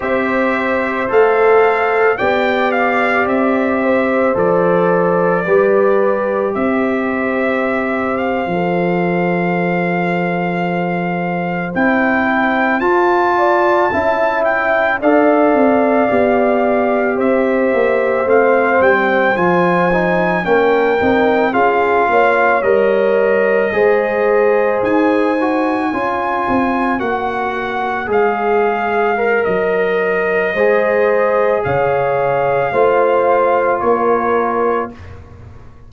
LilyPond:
<<
  \new Staff \with { instrumentName = "trumpet" } { \time 4/4 \tempo 4 = 55 e''4 f''4 g''8 f''8 e''4 | d''2 e''4. f''8~ | f''2~ f''8. g''4 a''16~ | a''4~ a''16 g''8 f''2 e''16~ |
e''8. f''8 g''8 gis''4 g''4 f''16~ | f''8. dis''2 gis''4~ gis''16~ | gis''8. fis''4 f''4~ f''16 dis''4~ | dis''4 f''2 cis''4 | }
  \new Staff \with { instrumentName = "horn" } { \time 4/4 c''2 d''4. c''8~ | c''4 b'4 c''2~ | c''1~ | c''16 d''8 e''4 d''2 c''16~ |
c''2~ c''8. ais'4 gis'16~ | gis'16 cis''4. c''2 cis''16~ | cis''1 | c''4 cis''4 c''4 ais'4 | }
  \new Staff \with { instrumentName = "trombone" } { \time 4/4 g'4 a'4 g'2 | a'4 g'2~ g'8. a'16~ | a'2~ a'8. e'4 f'16~ | f'8. e'4 a'4 g'4~ g'16~ |
g'8. c'4 f'8 dis'8 cis'8 dis'8 f'16~ | f'8. ais'4 gis'4. fis'8 f'16~ | f'8. fis'4 gis'4 ais'4~ ais'16 | gis'2 f'2 | }
  \new Staff \with { instrumentName = "tuba" } { \time 4/4 c'4 a4 b4 c'4 | f4 g4 c'4.~ c'16 f16~ | f2~ f8. c'4 f'16~ | f'8. cis'4 d'8 c'8 b4 c'16~ |
c'16 ais8 a8 g8 f4 ais8 c'8 cis'16~ | cis'16 ais8 g4 gis4 dis'4 cis'16~ | cis'16 c'8 ais4 gis4~ gis16 fis4 | gis4 cis4 a4 ais4 | }
>>